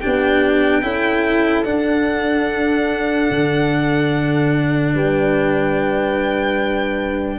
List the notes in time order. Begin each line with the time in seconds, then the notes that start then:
0.00 B3 D4 G4 G5
0.82 C#4 E4 A4
1.64 D4 F#5
3.30 D3
4.93 G3 B4 G5